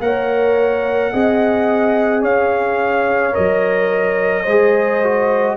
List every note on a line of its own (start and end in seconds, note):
0.00 1.11 A#3
0.00 1.13 A#4
0.00 1.12 C#5
0.00 2.23 F#5
1.12 2.23 C4
1.12 3.32 G#4
1.12 2.22 D#5
2.22 3.34 C#4
2.22 4.43 C#5
2.22 3.35 F5
3.32 4.45 F#3
3.32 4.44 A#4
3.32 5.57 D#5
4.43 5.56 G#3
4.43 5.54 C5
4.49 5.03 G#4
5.03 5.57 F#4